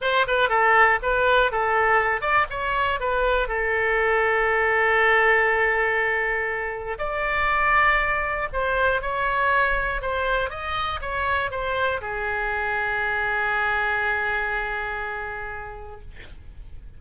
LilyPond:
\new Staff \with { instrumentName = "oboe" } { \time 4/4 \tempo 4 = 120 c''8 b'8 a'4 b'4 a'4~ | a'8 d''8 cis''4 b'4 a'4~ | a'1~ | a'2 d''2~ |
d''4 c''4 cis''2 | c''4 dis''4 cis''4 c''4 | gis'1~ | gis'1 | }